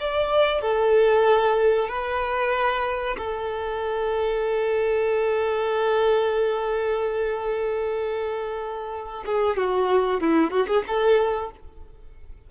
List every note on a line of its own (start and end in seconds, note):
0.00 0.62 D5
0.62 1.89 A4
1.89 3.17 B4
3.18 9.24 A4
9.26 9.57 G#4
9.57 10.21 F#4
10.21 10.51 E4
10.51 10.67 F#4
10.67 10.83 G#4
10.87 11.51 A4